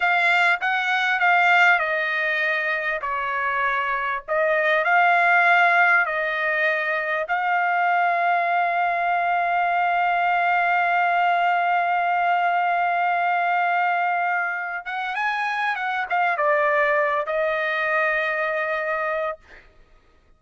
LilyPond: \new Staff \with { instrumentName = "trumpet" } { \time 4/4 \tempo 4 = 99 f''4 fis''4 f''4 dis''4~ | dis''4 cis''2 dis''4 | f''2 dis''2 | f''1~ |
f''1~ | f''1~ | f''8 fis''8 gis''4 fis''8 f''8 d''4~ | d''8 dis''2.~ dis''8 | }